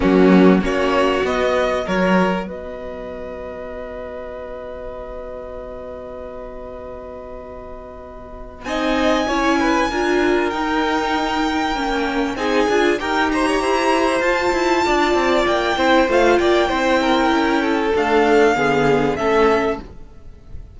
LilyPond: <<
  \new Staff \with { instrumentName = "violin" } { \time 4/4 \tempo 4 = 97 fis'4 cis''4 dis''4 cis''4 | dis''1~ | dis''1~ | dis''2 gis''2~ |
gis''4 g''2. | gis''4 g''8 ais''4. a''4~ | a''4 g''4 f''8 g''4.~ | g''4 f''2 e''4 | }
  \new Staff \with { instrumentName = "violin" } { \time 4/4 cis'4 fis'2 ais'4 | b'1~ | b'1~ | b'2 dis''4 cis''8 b'8 |
ais'1 | gis'4 ais'8 c''16 cis''16 c''2 | d''4. c''4 d''8 c''8 ais'8~ | ais'8 a'4. gis'4 a'4 | }
  \new Staff \with { instrumentName = "viola" } { \time 4/4 ais4 cis'4 b4 fis'4~ | fis'1~ | fis'1~ | fis'2 dis'4 e'4 |
f'4 dis'2 cis'4 | dis'8 f'8 g'2 f'4~ | f'4. e'8 f'4 e'4~ | e'4 a4 b4 cis'4 | }
  \new Staff \with { instrumentName = "cello" } { \time 4/4 fis4 ais4 b4 fis4 | b1~ | b1~ | b2 c'4 cis'4 |
d'4 dis'2 ais4 | c'8 d'8 dis'4 e'4 f'8 e'8 | d'8 c'8 ais8 c'8 a8 ais8 c'4 | cis'4 d'4 d4 a4 | }
>>